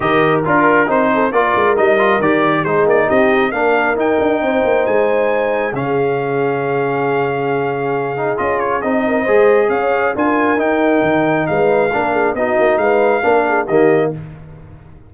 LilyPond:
<<
  \new Staff \with { instrumentName = "trumpet" } { \time 4/4 \tempo 4 = 136 dis''4 ais'4 c''4 d''4 | dis''4 d''4 c''8 d''8 dis''4 | f''4 g''2 gis''4~ | gis''4 f''2.~ |
f''2. dis''8 cis''8 | dis''2 f''4 gis''4 | g''2 f''2 | dis''4 f''2 dis''4 | }
  \new Staff \with { instrumentName = "horn" } { \time 4/4 ais'2~ ais'8 a'8 ais'4~ | ais'2 gis'4 g'4 | ais'2 c''2~ | c''4 gis'2.~ |
gis'1~ | gis'8 ais'8 c''4 cis''4 ais'4~ | ais'2 b'4 ais'8 gis'8 | fis'4 b'4 ais'8 gis'8 g'4 | }
  \new Staff \with { instrumentName = "trombone" } { \time 4/4 g'4 f'4 dis'4 f'4 | dis'8 f'8 g'4 dis'2 | d'4 dis'2.~ | dis'4 cis'2.~ |
cis'2~ cis'8 dis'8 f'4 | dis'4 gis'2 f'4 | dis'2. d'4 | dis'2 d'4 ais4 | }
  \new Staff \with { instrumentName = "tuba" } { \time 4/4 dis4 d'4 c'4 ais8 gis8 | g4 dis4 gis8 ais8 c'4 | ais4 dis'8 d'8 c'8 ais8 gis4~ | gis4 cis2.~ |
cis2. cis'4 | c'4 gis4 cis'4 d'4 | dis'4 dis4 gis4 ais4 | b8 ais8 gis4 ais4 dis4 | }
>>